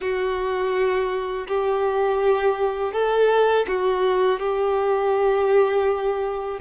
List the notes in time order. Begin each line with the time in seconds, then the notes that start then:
0.00 F#4
1.47 G4
2.92 A4
3.67 F#4
4.39 G4